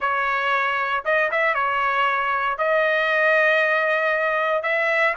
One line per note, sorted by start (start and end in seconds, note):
0.00 1.04 C#5
1.05 1.30 D#5
1.31 1.54 E5
1.54 2.57 C#5
2.57 4.62 D#5
4.62 5.14 E5